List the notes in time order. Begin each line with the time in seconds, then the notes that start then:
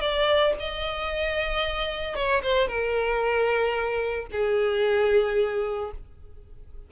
0.00 D5
0.59 D#5
2.15 C#5
2.42 C5
2.67 A#4
4.32 G#4